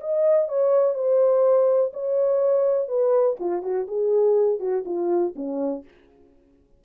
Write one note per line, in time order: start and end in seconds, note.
0.00 0.48 D#5
0.48 0.94 C#5
0.94 1.92 C5
1.93 2.88 C#5
2.88 3.37 B4
3.39 3.62 F4
3.62 3.86 F#4
3.88 4.59 G#4
4.59 4.84 F#4
4.85 5.34 F4
5.35 5.84 C#4